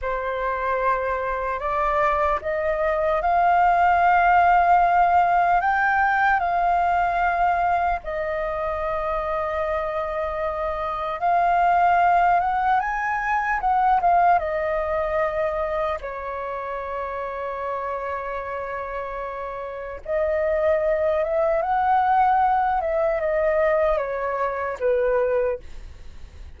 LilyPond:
\new Staff \with { instrumentName = "flute" } { \time 4/4 \tempo 4 = 75 c''2 d''4 dis''4 | f''2. g''4 | f''2 dis''2~ | dis''2 f''4. fis''8 |
gis''4 fis''8 f''8 dis''2 | cis''1~ | cis''4 dis''4. e''8 fis''4~ | fis''8 e''8 dis''4 cis''4 b'4 | }